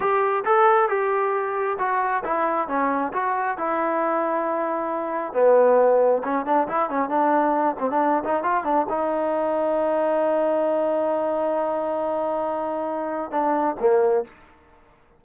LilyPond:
\new Staff \with { instrumentName = "trombone" } { \time 4/4 \tempo 4 = 135 g'4 a'4 g'2 | fis'4 e'4 cis'4 fis'4 | e'1 | b2 cis'8 d'8 e'8 cis'8 |
d'4. c'16 d'8. dis'8 f'8 d'8 | dis'1~ | dis'1~ | dis'2 d'4 ais4 | }